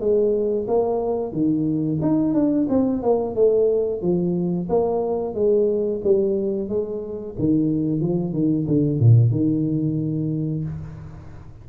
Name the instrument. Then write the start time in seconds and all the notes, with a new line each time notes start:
tuba
0.00 G#3
0.68 A#3
1.33 D#3
2.02 D#4
2.34 D4
2.70 C4
3.03 A#3
3.35 A3
4.02 F3
4.69 A#3
5.35 G#3
6.04 G3
6.69 G#3
7.39 D#3
8.01 F3
8.33 D#3
8.68 D3
9.00 A#2
9.31 D#3